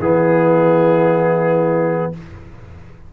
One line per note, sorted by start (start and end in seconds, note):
0.00 2.12 E3
0.00 2.13 B3
0.00 2.12 E4
0.00 2.13 G#4